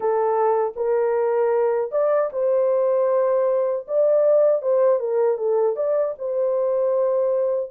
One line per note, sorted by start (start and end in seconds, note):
0.00 0.73 A4
0.76 1.91 A#4
1.91 2.30 D5
2.32 3.86 C5
3.87 4.62 D5
4.62 4.99 C5
4.99 5.37 A#4
5.37 5.76 A4
5.76 6.14 D5
6.18 7.71 C5